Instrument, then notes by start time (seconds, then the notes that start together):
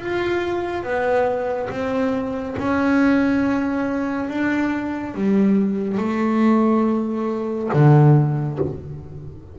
double bass
0.00 F4
0.83 B3
1.70 C4
2.58 C#4
4.29 D4
5.14 G3
5.98 A3
7.73 D3